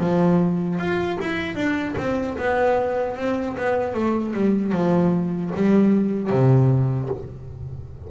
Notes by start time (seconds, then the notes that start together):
0.00 F3
0.79 F4
1.21 E4
1.55 D4
1.98 C4
2.38 B3
3.17 C4
3.57 B3
3.94 A3
4.34 G3
4.72 F3
5.55 G3
6.30 C3